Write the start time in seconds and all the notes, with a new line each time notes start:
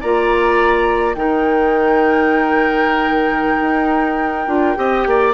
0.00 A#3 F4 D5 A#5
1.14 D#3 D#4 A#4 G5
3.60 D#4
4.47 D4 F4
4.75 C4 G4 D#5
5.06 A#3 D5